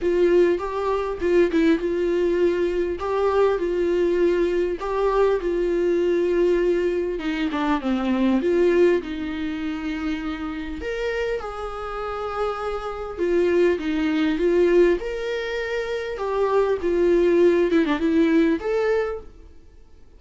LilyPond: \new Staff \with { instrumentName = "viola" } { \time 4/4 \tempo 4 = 100 f'4 g'4 f'8 e'8 f'4~ | f'4 g'4 f'2 | g'4 f'2. | dis'8 d'8 c'4 f'4 dis'4~ |
dis'2 ais'4 gis'4~ | gis'2 f'4 dis'4 | f'4 ais'2 g'4 | f'4. e'16 d'16 e'4 a'4 | }